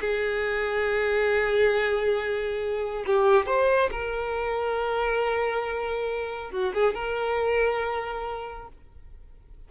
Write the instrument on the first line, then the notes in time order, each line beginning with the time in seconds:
violin
0.00 G#4
3.06 G4
3.46 C5
3.91 A#4
6.51 F#4
6.74 G#4
6.94 A#4